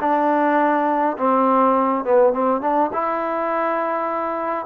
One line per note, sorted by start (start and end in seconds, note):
0.00 1.17 D4
1.18 2.04 C4
2.04 2.33 B3
2.33 2.61 C4
2.61 2.90 D4
2.93 4.65 E4